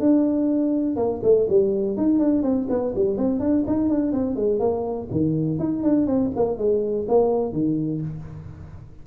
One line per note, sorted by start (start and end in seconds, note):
0.00 0.96 D4
0.96 1.21 A#3
1.23 1.48 A3
1.49 1.97 G3
1.97 2.19 D#4
2.19 2.43 D4
2.43 2.67 C4
2.70 2.94 B3
2.96 3.18 G3
3.18 3.40 C4
3.40 3.65 D4
3.67 3.90 D#4
3.90 4.12 D4
4.12 4.36 C4
4.36 4.60 G#3
4.60 5.09 A#3
5.11 5.59 D#3
5.59 5.83 D#4
5.83 6.07 D4
6.07 6.31 C4
6.36 6.58 A#3
6.58 7.07 G#3
7.09 7.53 A#3
7.53 8.02 D#3